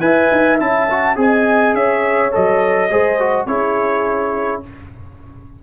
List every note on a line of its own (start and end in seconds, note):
0.00 0.29 E4
0.00 0.58 B4
0.00 1.18 E5
0.00 0.58 G#5
0.31 0.60 D#4
0.60 1.16 C#4
0.60 0.89 E4
0.60 1.17 A5
0.90 1.16 F#4
1.16 1.73 C4
1.16 2.31 G#4
1.16 1.77 D#5
1.16 1.75 G#5
1.73 2.31 C#4
1.73 2.91 C#5
1.73 2.33 E5
2.31 2.90 F#3
2.31 2.89 A4
2.31 3.46 D#5
2.90 3.46 G#3
2.90 3.19 G#4
2.90 3.47 C5
3.19 3.48 F#4
3.46 4.62 C#4
3.46 4.63 E4
3.46 4.63 G#4
3.46 4.62 C#5